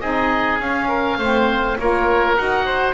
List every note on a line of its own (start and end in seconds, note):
0.00 0.60 C4
0.00 0.60 D#4
0.00 0.88 G#4
0.00 0.59 D#5
0.60 1.18 C#4
0.60 1.20 C#4
0.60 1.78 F5
0.88 1.17 A#4
1.18 1.77 A3
1.18 1.79 C4
1.18 1.78 C5
1.79 2.37 A#3
1.79 2.35 F4
1.79 2.65 A#4
1.79 2.37 C#5
2.35 2.94 D#4
2.35 2.94 F#4
2.35 2.94 F#5
2.65 2.94 C5